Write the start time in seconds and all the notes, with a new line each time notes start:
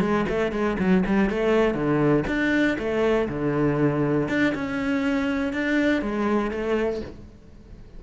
0.00 G#3
0.28 A3
0.52 G#3
0.78 F#3
1.05 G3
1.30 A3
1.74 D3
2.26 D4
2.78 A3
3.28 D3
4.28 D4
4.54 C#4
5.53 D4
6.02 G#3
6.50 A3